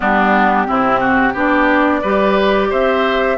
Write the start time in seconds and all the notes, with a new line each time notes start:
0.00 G3 B3 D4 G4
0.66 C3 C4 E4
1.00 F#4
1.33 B3 D4 G4 D5
2.01 G3 G4 B4
2.70 C4 C5 E5